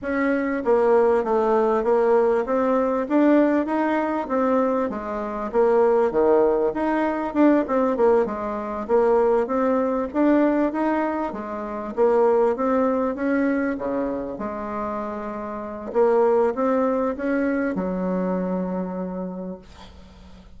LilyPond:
\new Staff \with { instrumentName = "bassoon" } { \time 4/4 \tempo 4 = 98 cis'4 ais4 a4 ais4 | c'4 d'4 dis'4 c'4 | gis4 ais4 dis4 dis'4 | d'8 c'8 ais8 gis4 ais4 c'8~ |
c'8 d'4 dis'4 gis4 ais8~ | ais8 c'4 cis'4 cis4 gis8~ | gis2 ais4 c'4 | cis'4 fis2. | }